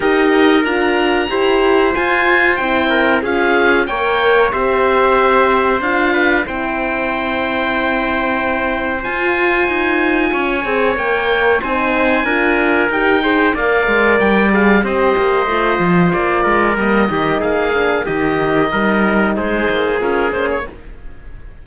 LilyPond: <<
  \new Staff \with { instrumentName = "oboe" } { \time 4/4 \tempo 4 = 93 dis''4 ais''2 gis''4 | g''4 f''4 g''4 e''4~ | e''4 f''4 g''2~ | g''2 gis''2~ |
gis''4 g''4 gis''2 | g''4 f''4 g''8 f''8 dis''4~ | dis''4 d''4 dis''4 f''4 | dis''2 c''4 ais'8 c''16 cis''16 | }
  \new Staff \with { instrumentName = "trumpet" } { \time 4/4 ais'2 c''2~ | c''8 ais'8 gis'4 cis''4 c''4~ | c''4. b'8 c''2~ | c''1 |
cis''2 c''4 ais'4~ | ais'8 c''8 d''2 c''4~ | c''4. ais'4 g'8 gis'4 | g'4 ais'4 gis'2 | }
  \new Staff \with { instrumentName = "horn" } { \time 4/4 g'4 f'4 g'4 f'4 | e'4 f'4 ais'4 g'4~ | g'4 f'4 e'2~ | e'2 f'2~ |
f'8 gis'8 ais'4 dis'4 f'4 | g'8 gis'8 ais'4. gis'8 g'4 | f'2 ais8 dis'4 d'8 | dis'2. f'8 cis'8 | }
  \new Staff \with { instrumentName = "cello" } { \time 4/4 dis'4 d'4 e'4 f'4 | c'4 cis'4 ais4 c'4~ | c'4 d'4 c'2~ | c'2 f'4 dis'4 |
cis'8 c'8 ais4 c'4 d'4 | dis'4 ais8 gis8 g4 c'8 ais8 | a8 f8 ais8 gis8 g8 dis8 ais4 | dis4 g4 gis8 ais8 cis'8 ais8 | }
>>